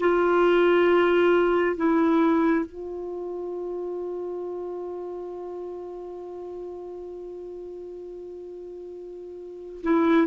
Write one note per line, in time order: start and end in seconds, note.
0.00 1.76 F4
1.76 2.65 E4
2.65 9.82 F4
9.83 10.27 E4